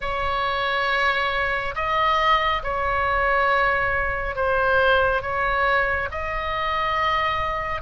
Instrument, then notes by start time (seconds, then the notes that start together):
oboe
0.00 C#5
1.75 D#5
2.63 C#5
4.35 C5
5.22 C#5
6.11 D#5